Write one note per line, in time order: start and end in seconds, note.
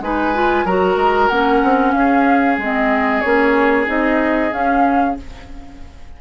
0.00 0.65 G#3
0.00 0.34 D#4
0.00 0.65 B4
0.00 0.67 G#5
0.34 0.67 F4
0.65 0.96 F#3
0.65 1.31 F#4
0.65 1.94 A#4
0.65 1.28 A#5
0.96 1.29 G#3
1.28 1.62 A#3
1.28 2.60 C#4
1.28 1.92 F#5
1.63 1.94 C4
1.92 2.58 C#4
1.92 2.57 F5
1.98 5.21 G#4
2.58 3.22 G#3
2.58 3.24 C4
2.58 3.21 D#5
3.21 3.88 A#3
3.21 3.87 C#4
3.21 3.86 C#5
3.87 4.52 C4
3.87 4.51 D#4
3.87 4.53 D#5
4.52 5.16 C#4
4.52 5.17 C#4
4.52 5.17 F5